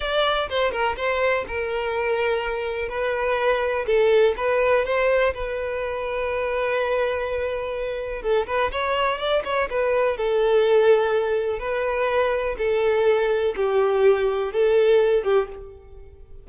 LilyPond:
\new Staff \with { instrumentName = "violin" } { \time 4/4 \tempo 4 = 124 d''4 c''8 ais'8 c''4 ais'4~ | ais'2 b'2 | a'4 b'4 c''4 b'4~ | b'1~ |
b'4 a'8 b'8 cis''4 d''8 cis''8 | b'4 a'2. | b'2 a'2 | g'2 a'4. g'8 | }